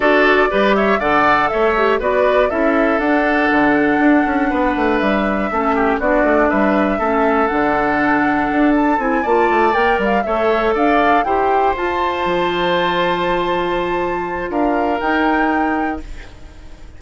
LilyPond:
<<
  \new Staff \with { instrumentName = "flute" } { \time 4/4 \tempo 4 = 120 d''4. e''8 fis''4 e''4 | d''4 e''4 fis''2~ | fis''2 e''2 | d''4 e''2 fis''4~ |
fis''4. a''8 gis''8 a''4 g''8 | f''8 e''4 f''4 g''4 a''8~ | a''1~ | a''4 f''4 g''2 | }
  \new Staff \with { instrumentName = "oboe" } { \time 4/4 a'4 b'8 cis''8 d''4 cis''4 | b'4 a'2.~ | a'4 b'2 a'8 g'8 | fis'4 b'4 a'2~ |
a'2~ a'8 d''4.~ | d''8 cis''4 d''4 c''4.~ | c''1~ | c''4 ais'2. | }
  \new Staff \with { instrumentName = "clarinet" } { \time 4/4 fis'4 g'4 a'4. g'8 | fis'4 e'4 d'2~ | d'2. cis'4 | d'2 cis'4 d'4~ |
d'2 e'8 f'4 ais'8~ | ais'8 a'2 g'4 f'8~ | f'1~ | f'2 dis'2 | }
  \new Staff \with { instrumentName = "bassoon" } { \time 4/4 d'4 g4 d4 a4 | b4 cis'4 d'4 d4 | d'8 cis'8 b8 a8 g4 a4 | b8 a8 g4 a4 d4~ |
d4 d'4 c'8 ais8 a8 ais8 | g8 a4 d'4 e'4 f'8~ | f'8 f2.~ f8~ | f4 d'4 dis'2 | }
>>